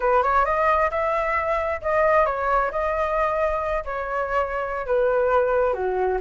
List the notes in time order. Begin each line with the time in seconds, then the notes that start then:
0.00 B4
0.23 C#5
0.45 D#5
0.90 E5
1.81 D#5
2.25 C#5
2.71 D#5
3.84 C#5
4.86 B4
5.73 F#4